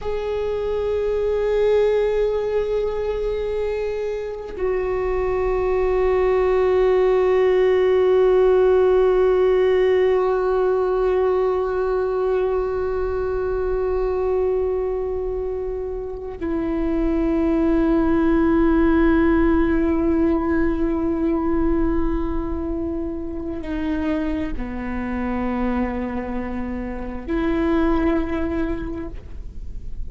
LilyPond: \new Staff \with { instrumentName = "viola" } { \time 4/4 \tempo 4 = 66 gis'1~ | gis'4 fis'2.~ | fis'1~ | fis'1~ |
fis'2 e'2~ | e'1~ | e'2 dis'4 b4~ | b2 e'2 | }